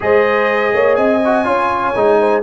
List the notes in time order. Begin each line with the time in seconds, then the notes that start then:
0.00 G#3 G#4 C5 D#5
0.73 A#3 C#5
0.95 C4 D#5 G#5
1.24 F#4
1.44 C#4 F4 C#5
1.95 G#3 D#4
2.19 C5